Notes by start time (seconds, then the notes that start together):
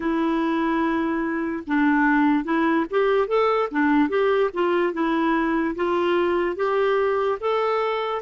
0.00 E4
1.66 D4
2.44 E4
2.90 G4
3.27 A4
3.71 D4
4.09 G4
4.53 F4
4.93 E4
5.75 F4
6.56 G4
7.40 A4